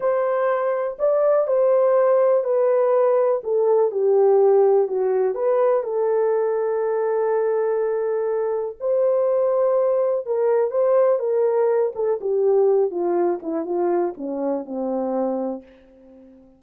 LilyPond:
\new Staff \with { instrumentName = "horn" } { \time 4/4 \tempo 4 = 123 c''2 d''4 c''4~ | c''4 b'2 a'4 | g'2 fis'4 b'4 | a'1~ |
a'2 c''2~ | c''4 ais'4 c''4 ais'4~ | ais'8 a'8 g'4. f'4 e'8 | f'4 cis'4 c'2 | }